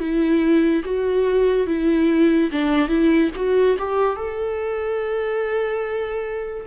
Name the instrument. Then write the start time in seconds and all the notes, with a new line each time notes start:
viola
0.00 E4
0.84 F#4
1.67 E4
2.52 D4
2.89 E4
3.36 F#4
3.79 G4
4.16 A4